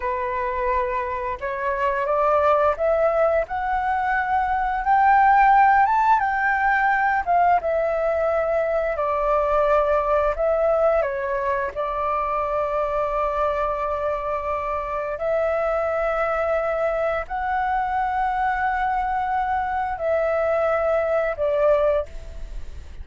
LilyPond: \new Staff \with { instrumentName = "flute" } { \time 4/4 \tempo 4 = 87 b'2 cis''4 d''4 | e''4 fis''2 g''4~ | g''8 a''8 g''4. f''8 e''4~ | e''4 d''2 e''4 |
cis''4 d''2.~ | d''2 e''2~ | e''4 fis''2.~ | fis''4 e''2 d''4 | }